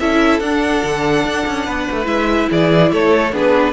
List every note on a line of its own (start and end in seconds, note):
0.00 0.41 C#4
0.00 0.42 E4
0.00 1.66 A4
0.00 0.40 E5
0.40 0.82 D4
0.40 2.04 D4
0.40 2.07 F#5
0.84 1.25 D3
1.25 1.46 D4
1.47 1.68 C#4
1.66 1.88 B3
1.66 2.49 B4
1.91 2.06 A3
2.04 2.48 G#3
2.04 3.29 E4
2.04 2.49 E5
2.51 2.92 E3
2.51 2.92 G#4
2.51 2.93 D5
2.92 3.32 A3
2.92 3.34 A4
2.92 3.34 C#5
3.32 3.74 B3
3.32 3.74 D4
3.32 3.74 G#4
3.32 3.74 B4